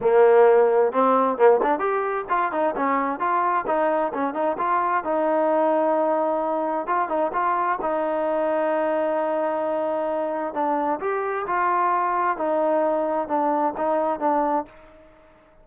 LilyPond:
\new Staff \with { instrumentName = "trombone" } { \time 4/4 \tempo 4 = 131 ais2 c'4 ais8 d'8 | g'4 f'8 dis'8 cis'4 f'4 | dis'4 cis'8 dis'8 f'4 dis'4~ | dis'2. f'8 dis'8 |
f'4 dis'2.~ | dis'2. d'4 | g'4 f'2 dis'4~ | dis'4 d'4 dis'4 d'4 | }